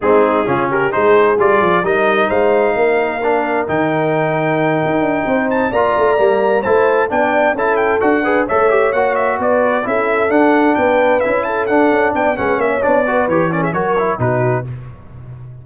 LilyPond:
<<
  \new Staff \with { instrumentName = "trumpet" } { \time 4/4 \tempo 4 = 131 gis'4. ais'8 c''4 d''4 | dis''4 f''2. | g''1 | a''8 ais''2 a''4 g''8~ |
g''8 a''8 g''8 fis''4 e''4 fis''8 | e''8 d''4 e''4 fis''4 g''8~ | g''8 e''8 a''8 fis''4 g''8 fis''8 e''8 | d''4 cis''8 d''16 e''16 cis''4 b'4 | }
  \new Staff \with { instrumentName = "horn" } { \time 4/4 dis'4 f'8 g'8 gis'2 | ais'4 c''4 ais'2~ | ais'2.~ ais'8 c''8~ | c''8 d''2 c''4 d''8~ |
d''8 a'4. b'8 cis''4.~ | cis''8 b'4 a'2 b'8~ | b'4 a'4. d''8 b'8 cis''8~ | cis''8 b'4 ais'16 gis'16 ais'4 fis'4 | }
  \new Staff \with { instrumentName = "trombone" } { \time 4/4 c'4 cis'4 dis'4 f'4 | dis'2. d'4 | dis'1~ | dis'8 f'4 ais4 e'4 d'8~ |
d'8 e'4 fis'8 gis'8 a'8 g'8 fis'8~ | fis'4. e'4 d'4.~ | d'8 e'4 d'4. cis'4 | d'8 fis'8 g'8 cis'8 fis'8 e'8 dis'4 | }
  \new Staff \with { instrumentName = "tuba" } { \time 4/4 gis4 cis4 gis4 g8 f8 | g4 gis4 ais2 | dis2~ dis8 dis'8 d'8 c'8~ | c'8 ais8 a8 g4 a4 b8~ |
b8 cis'4 d'4 a4 ais8~ | ais8 b4 cis'4 d'4 b8~ | b8 cis'4 d'8 cis'8 b8 gis8 ais8 | b4 e4 fis4 b,4 | }
>>